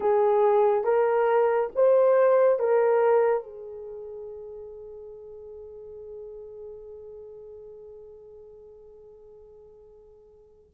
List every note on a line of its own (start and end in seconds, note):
0.00 0.84 G#4
0.84 1.69 A#4
1.75 2.59 C5
2.59 3.43 A#4
3.43 10.71 G#4